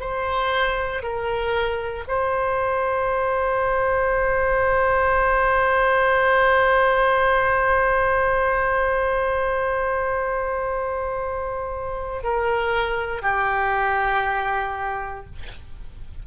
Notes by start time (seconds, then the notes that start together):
0.00 C5
1.02 A#4
2.08 C5
12.23 A#4
13.22 G4